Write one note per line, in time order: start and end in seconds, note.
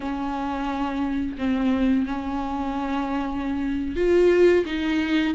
0.00 1.36 C#4
1.38 2.06 C4
2.06 3.95 C#4
3.96 4.65 F4
4.66 5.34 D#4